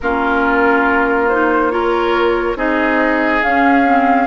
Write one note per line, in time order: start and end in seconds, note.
0.00 2.55 A#3
0.00 1.31 C#4
0.00 1.72 F4
0.00 1.28 A#4
1.28 1.70 D#4
1.28 1.71 C5
1.70 2.56 F4
1.70 2.57 A#4
1.70 2.56 C#5
2.55 3.41 C4
2.55 3.41 D#4
2.55 4.26 G#4
2.55 3.42 D#5
3.42 4.26 C#4
3.42 3.86 C#4
3.42 4.26 F5
3.86 4.26 C4